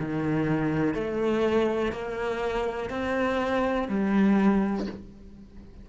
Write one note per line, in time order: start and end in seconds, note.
0.00 0.94 D#3
0.94 1.92 A3
1.92 2.90 A#3
2.90 3.88 C4
3.89 4.87 G3